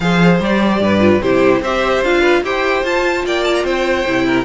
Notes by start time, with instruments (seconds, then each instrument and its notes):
0.00 cello F3, viola G#4, violin C5 F5
0.40 cello G3, viola G4, violin D5
0.79 cello G2, violin B4
1.00 viola F4
1.21 cello C3, viola E4, violin G4 C5
1.60 cello C4, viola G4, violin C5 E5
2.01 cello D4, viola F4, violin F5
2.21 violin B4
2.42 cello E4, viola G4, violin C5 G5
2.83 cello F4, viola F4, violin A5
3.24 cello A#3, violin D5 G5
3.44 violin A5
3.54 violin A#5
3.64 cello C4, violin C5 G5
4.05 cello C3, viola E4
4.27 violin A#4